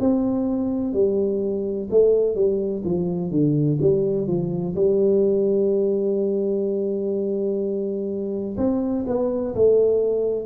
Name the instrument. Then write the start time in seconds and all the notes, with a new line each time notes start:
tuba
0.00 C4
0.94 G3
1.90 A3
2.35 G3
2.84 F3
3.31 D3
3.81 G3
4.27 F3
4.75 G3
8.58 C4
9.07 B3
9.55 A3